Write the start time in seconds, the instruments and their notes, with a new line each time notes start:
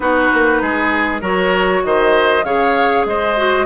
0.00 bassoon B3, clarinet D#4, oboe F#4, flute B4
0.33 bassoon A#3
0.61 bassoon G#3, oboe G#4
1.21 bassoon F#3, clarinet F#4, oboe A#4, flute C#5
1.84 bassoon D#3, oboe C5, flute D#5
2.43 bassoon C#3, clarinet G#4, oboe C#5, flute F5
3.05 bassoon G#3, oboe C5, flute D#5
3.36 clarinet F#4